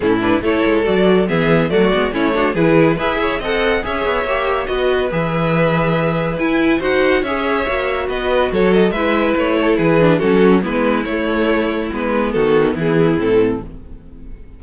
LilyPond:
<<
  \new Staff \with { instrumentName = "violin" } { \time 4/4 \tempo 4 = 141 a'8 b'8 cis''4 d''4 e''4 | d''4 cis''4 b'4 e''4 | fis''4 e''2 dis''4 | e''2. gis''4 |
fis''4 e''2 dis''4 | cis''8 dis''8 e''4 cis''4 b'4 | a'4 b'4 cis''2 | b'4 a'4 gis'4 a'4 | }
  \new Staff \with { instrumentName = "violin" } { \time 4/4 e'4 a'2 gis'4 | fis'4 e'8 fis'8 gis'4 b'8 cis''8 | dis''4 cis''2 b'4~ | b'1 |
c''4 cis''2 b'4 | a'4 b'4. a'8 gis'4 | fis'4 e'2.~ | e'4 fis'4 e'2 | }
  \new Staff \with { instrumentName = "viola" } { \time 4/4 cis'8 d'8 e'4 fis'4 b4 | a8 b8 cis'8 d'8 e'4 gis'4 | a'4 gis'4 g'4 fis'4 | gis'2. e'4 |
fis'4 gis'4 fis'2~ | fis'4 e'2~ e'8 d'8 | cis'4 b4 a2 | b2. c'4 | }
  \new Staff \with { instrumentName = "cello" } { \time 4/4 a,4 a8 gis8 fis4 e4 | fis8 gis8 a4 e4 e'4 | c'4 cis'8 b8 ais4 b4 | e2. e'4 |
dis'4 cis'4 ais4 b4 | fis4 gis4 a4 e4 | fis4 gis4 a2 | gis4 dis4 e4 a,4 | }
>>